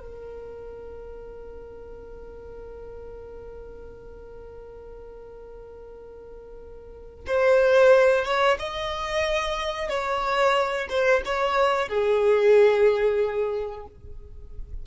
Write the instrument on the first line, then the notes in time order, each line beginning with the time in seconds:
violin
0.00 A#4
7.27 C5
8.25 C#5
8.59 D#5
9.89 C#5
10.89 C5
11.25 C#5
11.89 G#4